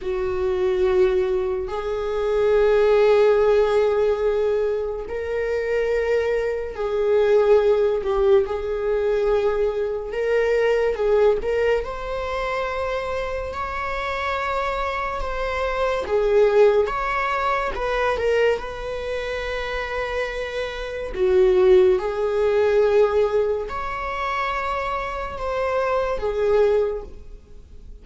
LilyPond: \new Staff \with { instrumentName = "viola" } { \time 4/4 \tempo 4 = 71 fis'2 gis'2~ | gis'2 ais'2 | gis'4. g'8 gis'2 | ais'4 gis'8 ais'8 c''2 |
cis''2 c''4 gis'4 | cis''4 b'8 ais'8 b'2~ | b'4 fis'4 gis'2 | cis''2 c''4 gis'4 | }